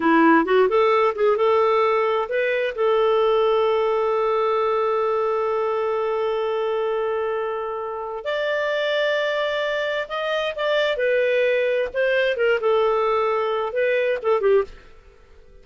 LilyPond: \new Staff \with { instrumentName = "clarinet" } { \time 4/4 \tempo 4 = 131 e'4 fis'8 a'4 gis'8 a'4~ | a'4 b'4 a'2~ | a'1~ | a'1~ |
a'2 d''2~ | d''2 dis''4 d''4 | b'2 c''4 ais'8 a'8~ | a'2 b'4 a'8 g'8 | }